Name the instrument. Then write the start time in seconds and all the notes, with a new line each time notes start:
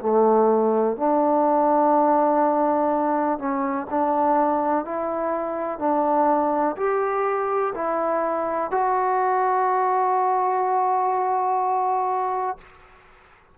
trombone
0.00 A3
0.97 D4
3.38 C#4
3.90 D4
4.85 E4
5.79 D4
6.77 G4
7.74 E4
8.71 F#4